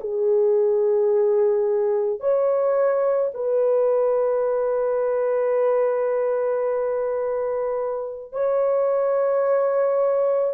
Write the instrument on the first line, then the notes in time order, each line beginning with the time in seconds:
horn
0.00 G#4
2.20 C#5
3.34 B4
8.32 C#5